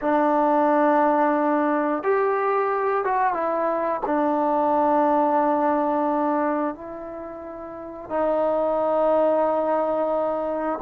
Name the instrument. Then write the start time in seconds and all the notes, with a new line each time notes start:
trombone
0.01 D4
2.03 G4
3.04 F#4
3.33 E4
4.06 D4
6.74 E4
8.09 D#4